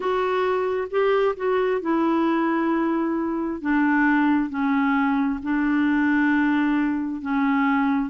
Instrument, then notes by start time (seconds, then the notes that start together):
clarinet
0.00 F#4
0.90 G4
1.36 F#4
1.81 E4
3.61 D4
4.49 C#4
5.42 D4
7.21 C#4